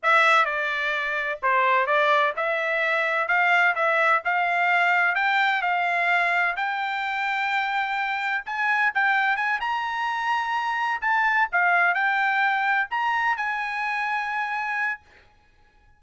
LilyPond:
\new Staff \with { instrumentName = "trumpet" } { \time 4/4 \tempo 4 = 128 e''4 d''2 c''4 | d''4 e''2 f''4 | e''4 f''2 g''4 | f''2 g''2~ |
g''2 gis''4 g''4 | gis''8 ais''2. a''8~ | a''8 f''4 g''2 ais''8~ | ais''8 gis''2.~ gis''8 | }